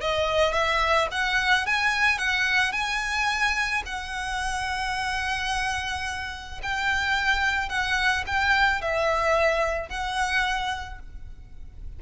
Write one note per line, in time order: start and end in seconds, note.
0.00 0.53 D#5
0.53 1.08 E5
1.11 1.66 F#5
1.66 2.18 G#5
2.18 2.72 F#5
2.72 3.82 G#5
3.85 6.61 F#5
6.62 7.69 G5
7.69 8.24 F#5
8.26 8.81 G5
8.81 9.89 E5
9.89 10.99 F#5